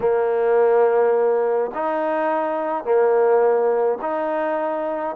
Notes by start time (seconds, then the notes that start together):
0.00 A#3
1.74 D#4
2.84 A#3
4.01 D#4